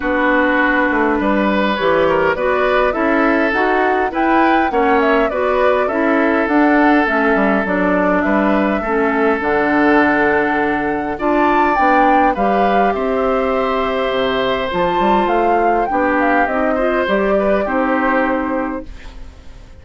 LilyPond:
<<
  \new Staff \with { instrumentName = "flute" } { \time 4/4 \tempo 4 = 102 b'2. cis''4 | d''4 e''4 fis''4 g''4 | fis''8 e''8 d''4 e''4 fis''4 | e''4 d''4 e''2 |
fis''2. a''4 | g''4 f''4 e''2~ | e''4 a''4 f''4 g''8 f''8 | dis''4 d''4 c''2 | }
  \new Staff \with { instrumentName = "oboe" } { \time 4/4 fis'2 b'4. ais'8 | b'4 a'2 b'4 | cis''4 b'4 a'2~ | a'2 b'4 a'4~ |
a'2. d''4~ | d''4 b'4 c''2~ | c''2. g'4~ | g'8 c''4 b'8 g'2 | }
  \new Staff \with { instrumentName = "clarinet" } { \time 4/4 d'2. g'4 | fis'4 e'4 fis'4 e'4 | cis'4 fis'4 e'4 d'4 | cis'4 d'2 cis'4 |
d'2. f'4 | d'4 g'2.~ | g'4 f'2 d'4 | dis'8 f'8 g'4 dis'2 | }
  \new Staff \with { instrumentName = "bassoon" } { \time 4/4 b4. a8 g4 e4 | b4 cis'4 dis'4 e'4 | ais4 b4 cis'4 d'4 | a8 g8 fis4 g4 a4 |
d2. d'4 | b4 g4 c'2 | c4 f8 g8 a4 b4 | c'4 g4 c'2 | }
>>